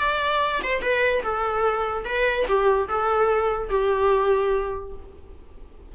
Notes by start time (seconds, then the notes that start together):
0.00 D5
0.64 C5
0.82 B4
1.23 A4
2.05 B4
2.48 G4
2.89 A4
3.69 G4